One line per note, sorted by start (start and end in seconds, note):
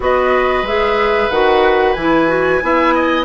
0.00 0.62 B3
0.00 0.64 F#4
0.00 2.63 B4
0.00 0.66 D#5
0.62 1.27 G#3
0.62 1.31 G#4
0.62 1.30 E5
1.30 1.95 D#3
1.30 1.96 F#4
1.30 1.93 F#5
1.93 2.60 E3
1.93 2.27 E4
1.93 3.23 G#5
2.27 2.60 F#4
2.62 3.24 B3
2.62 3.24 E4
2.62 2.94 E5
2.94 3.24 D#5